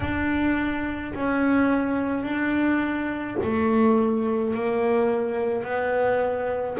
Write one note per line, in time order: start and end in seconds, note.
0.00 1.13 D4
1.14 2.23 C#4
2.23 3.36 D4
3.43 4.53 A3
4.53 5.63 A#3
5.63 6.77 B3